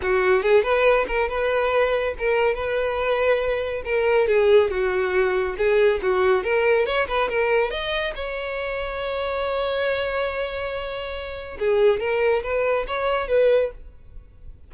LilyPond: \new Staff \with { instrumentName = "violin" } { \time 4/4 \tempo 4 = 140 fis'4 gis'8 b'4 ais'8 b'4~ | b'4 ais'4 b'2~ | b'4 ais'4 gis'4 fis'4~ | fis'4 gis'4 fis'4 ais'4 |
cis''8 b'8 ais'4 dis''4 cis''4~ | cis''1~ | cis''2. gis'4 | ais'4 b'4 cis''4 b'4 | }